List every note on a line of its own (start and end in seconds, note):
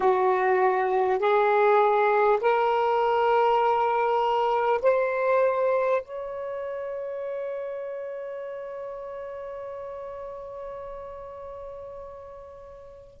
0.00 1.19 F#4
1.19 2.39 G#4
2.40 4.80 A#4
4.82 6.02 C5
6.02 13.20 C#5